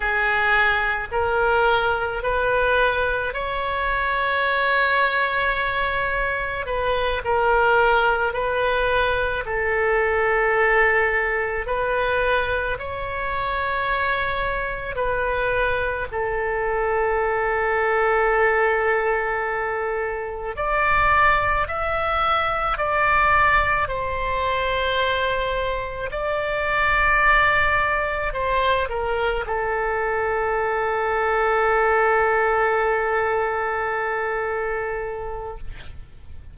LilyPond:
\new Staff \with { instrumentName = "oboe" } { \time 4/4 \tempo 4 = 54 gis'4 ais'4 b'4 cis''4~ | cis''2 b'8 ais'4 b'8~ | b'8 a'2 b'4 cis''8~ | cis''4. b'4 a'4.~ |
a'2~ a'8 d''4 e''8~ | e''8 d''4 c''2 d''8~ | d''4. c''8 ais'8 a'4.~ | a'1 | }